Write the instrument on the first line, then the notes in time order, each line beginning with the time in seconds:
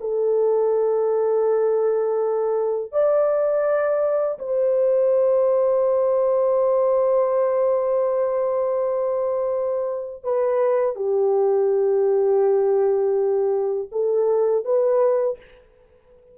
horn
0.00 A4
2.92 D5
4.38 C5
10.23 B4
10.96 G4
13.91 A4
14.64 B4